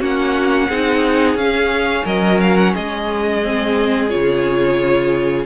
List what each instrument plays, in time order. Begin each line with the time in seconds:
0.00 cello A#3, viola C#4, violin F#4 F#5
0.69 cello C4, viola D#4, violin G#4
1.36 cello C#4, viola C#4, violin F5
2.05 cello F#3, violin A#4 D#5
2.41 violin F5
2.58 violin F#5
2.75 cello G#3, violin G#4 D#5
3.43 viola C4
4.10 cello C#3, viola F4, violin C#5